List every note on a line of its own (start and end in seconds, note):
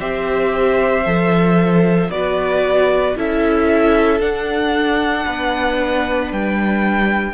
0.00 1.06 C4
0.00 1.05 G4
0.00 2.11 C5
0.00 2.11 E5
1.06 2.10 F3
1.06 2.11 A4
2.10 3.15 B3
2.10 3.17 F#4
2.10 3.17 B4
2.10 3.16 D5
3.17 4.21 C#4
3.17 4.21 E4
3.17 5.25 A4
3.17 4.22 E5
4.21 5.26 D4
4.21 7.34 D4
4.21 6.32 F#5
5.25 6.32 B3
5.25 7.34 B4
6.32 7.34 G3
6.32 7.34 G5